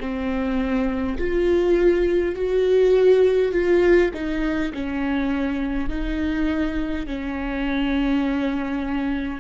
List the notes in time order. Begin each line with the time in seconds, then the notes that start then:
0.00 C4
1.18 F4
2.36 F#4
3.53 F4
4.14 D#4
4.74 C#4
5.89 D#4
7.07 C#4